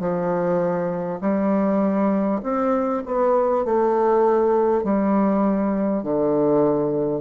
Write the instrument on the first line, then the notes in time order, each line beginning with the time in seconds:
bassoon
0.00 F3
1.21 G3
2.44 C4
3.07 B3
3.65 A3
4.84 G3
6.03 D3